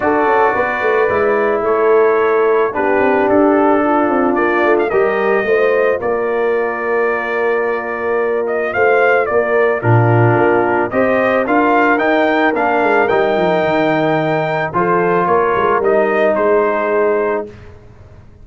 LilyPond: <<
  \new Staff \with { instrumentName = "trumpet" } { \time 4/4 \tempo 4 = 110 d''2. cis''4~ | cis''4 b'4 a'2 | d''8. f''16 dis''2 d''4~ | d''2.~ d''8 dis''8 |
f''4 d''4 ais'2 | dis''4 f''4 g''4 f''4 | g''2. c''4 | cis''4 dis''4 c''2 | }
  \new Staff \with { instrumentName = "horn" } { \time 4/4 a'4 b'2 a'4~ | a'4 g'2 f'4~ | f'4 ais'4 c''4 ais'4~ | ais'1 |
c''4 ais'4 f'2 | c''4 ais'2.~ | ais'2. a'4 | ais'2 gis'2 | }
  \new Staff \with { instrumentName = "trombone" } { \time 4/4 fis'2 e'2~ | e'4 d'2.~ | d'4 g'4 f'2~ | f'1~ |
f'2 d'2 | g'4 f'4 dis'4 d'4 | dis'2. f'4~ | f'4 dis'2. | }
  \new Staff \with { instrumentName = "tuba" } { \time 4/4 d'8 cis'8 b8 a8 gis4 a4~ | a4 b8 c'8 d'4. c'8 | ais8 a8 g4 a4 ais4~ | ais1 |
a4 ais4 ais,4 ais4 | c'4 d'4 dis'4 ais8 gis8 | g8 f8 dis2 f4 | ais8 gis8 g4 gis2 | }
>>